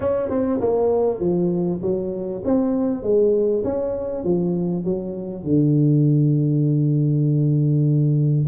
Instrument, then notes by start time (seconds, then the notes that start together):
tuba
0.00 C#4
0.29 C4
0.60 A#3
1.20 F3
1.82 F#3
2.44 C4
3.02 G#3
3.64 C#4
4.23 F3
4.84 F#3
5.43 D3